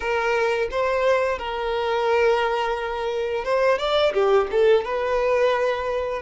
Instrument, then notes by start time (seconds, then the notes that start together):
violin
0.00 A#4
0.70 C5
1.38 A#4
3.44 C5
3.78 D5
4.13 G4
4.51 A4
4.84 B4